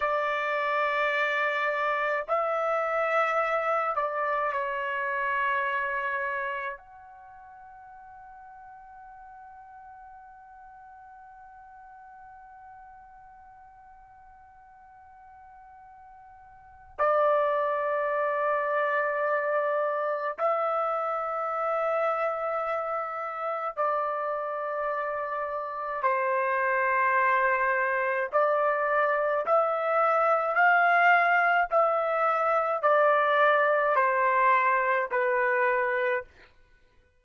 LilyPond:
\new Staff \with { instrumentName = "trumpet" } { \time 4/4 \tempo 4 = 53 d''2 e''4. d''8 | cis''2 fis''2~ | fis''1~ | fis''2. d''4~ |
d''2 e''2~ | e''4 d''2 c''4~ | c''4 d''4 e''4 f''4 | e''4 d''4 c''4 b'4 | }